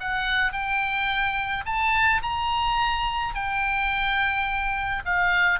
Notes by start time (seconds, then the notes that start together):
0.00 F#5
0.52 G5
1.65 A5
2.22 A#5
3.34 G5
5.05 F5